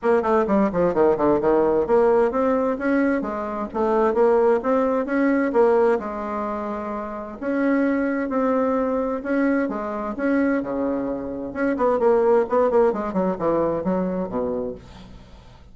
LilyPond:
\new Staff \with { instrumentName = "bassoon" } { \time 4/4 \tempo 4 = 130 ais8 a8 g8 f8 dis8 d8 dis4 | ais4 c'4 cis'4 gis4 | a4 ais4 c'4 cis'4 | ais4 gis2. |
cis'2 c'2 | cis'4 gis4 cis'4 cis4~ | cis4 cis'8 b8 ais4 b8 ais8 | gis8 fis8 e4 fis4 b,4 | }